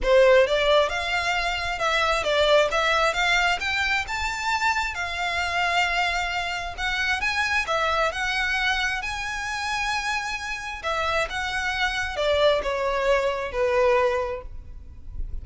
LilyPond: \new Staff \with { instrumentName = "violin" } { \time 4/4 \tempo 4 = 133 c''4 d''4 f''2 | e''4 d''4 e''4 f''4 | g''4 a''2 f''4~ | f''2. fis''4 |
gis''4 e''4 fis''2 | gis''1 | e''4 fis''2 d''4 | cis''2 b'2 | }